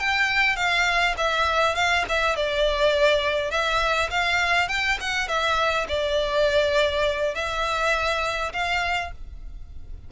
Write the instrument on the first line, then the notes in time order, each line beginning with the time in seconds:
violin
0.00 G5
0.56 F5
1.17 E5
1.76 F5
2.09 E5
2.36 D5
3.51 E5
4.11 F5
4.69 G5
5.01 F#5
5.28 E5
5.89 D5
7.35 E5
8.53 F5